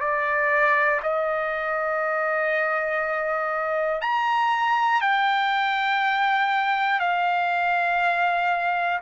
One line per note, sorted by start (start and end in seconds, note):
0.00 1.00 D5
1.03 4.01 D#5
4.01 5.01 A#5
5.01 7.00 G5
7.00 9.00 F5